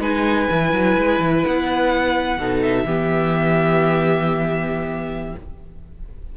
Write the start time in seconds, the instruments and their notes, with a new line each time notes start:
0.00 cello G#3, viola D#4, violin B4 G#5
0.49 cello E3, viola E4
0.73 cello F#3
0.97 cello G#3
1.20 cello E3
1.45 cello B3, violin F#5
2.38 cello B2, viola D#4, violin A4
2.63 violin E5
2.85 cello E3, viola B3, violin G4